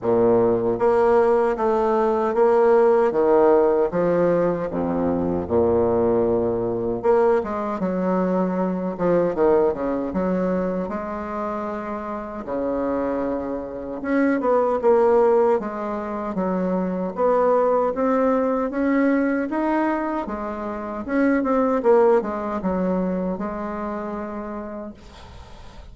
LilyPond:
\new Staff \with { instrumentName = "bassoon" } { \time 4/4 \tempo 4 = 77 ais,4 ais4 a4 ais4 | dis4 f4 f,4 ais,4~ | ais,4 ais8 gis8 fis4. f8 | dis8 cis8 fis4 gis2 |
cis2 cis'8 b8 ais4 | gis4 fis4 b4 c'4 | cis'4 dis'4 gis4 cis'8 c'8 | ais8 gis8 fis4 gis2 | }